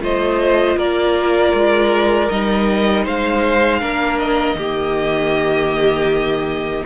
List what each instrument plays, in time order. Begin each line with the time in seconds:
0.00 cello A3, viola F4, violin C5 D#5
0.76 cello A#3, violin A#4 D5
1.53 cello G#3
2.29 cello G3, viola D#4, violin D#5
3.04 cello G#3, violin C5 F5
3.80 cello A#3, viola D4, violin A#4
4.19 violin D#5
4.55 cello D#3, viola A#3, violin G4